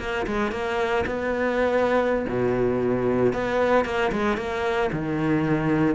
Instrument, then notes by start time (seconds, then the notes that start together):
cello
0.00 A#3
0.27 G#3
0.52 A#3
1.07 B3
2.29 B2
3.34 B3
3.86 A#3
4.12 G#3
4.38 A#3
4.93 D#3